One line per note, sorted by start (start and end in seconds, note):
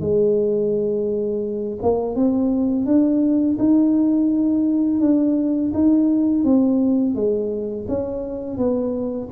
0.00 1.79 G#3
1.82 2.15 A#3
2.15 2.86 C4
2.86 3.57 D4
3.58 5.01 D#4
5.01 5.72 D4
5.74 6.44 D#4
6.44 7.15 C4
7.15 7.86 G#3
7.88 8.57 C#4
8.57 9.29 B3